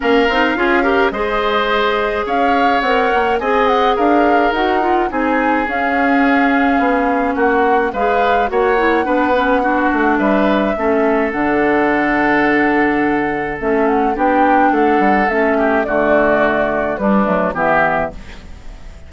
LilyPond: <<
  \new Staff \with { instrumentName = "flute" } { \time 4/4 \tempo 4 = 106 f''2 dis''2 | f''4 fis''4 gis''8 fis''8 f''4 | fis''4 gis''4 f''2~ | f''4 fis''4 f''4 fis''4~ |
fis''2 e''2 | fis''1 | e''8 fis''8 g''4 fis''4 e''4 | d''2 b'4 e''4 | }
  \new Staff \with { instrumentName = "oboe" } { \time 4/4 ais'4 gis'8 ais'8 c''2 | cis''2 dis''4 ais'4~ | ais'4 gis'2.~ | gis'4 fis'4 b'4 cis''4 |
b'4 fis'4 b'4 a'4~ | a'1~ | a'4 g'4 a'4. g'8 | fis'2 d'4 g'4 | }
  \new Staff \with { instrumentName = "clarinet" } { \time 4/4 cis'8 dis'8 f'8 g'8 gis'2~ | gis'4 ais'4 gis'2 | fis'8 f'8 dis'4 cis'2~ | cis'2 gis'4 fis'8 e'8 |
d'8 cis'8 d'2 cis'4 | d'1 | cis'4 d'2 cis'4 | a2 g8 a8 b4 | }
  \new Staff \with { instrumentName = "bassoon" } { \time 4/4 ais8 c'8 cis'4 gis2 | cis'4 c'8 ais8 c'4 d'4 | dis'4 c'4 cis'2 | b4 ais4 gis4 ais4 |
b4. a8 g4 a4 | d1 | a4 b4 a8 g8 a4 | d2 g8 fis8 e4 | }
>>